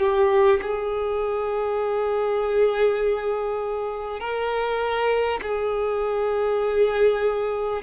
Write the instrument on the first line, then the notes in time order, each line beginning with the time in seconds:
violin
0.00 G4
0.63 G#4
4.20 A#4
5.42 G#4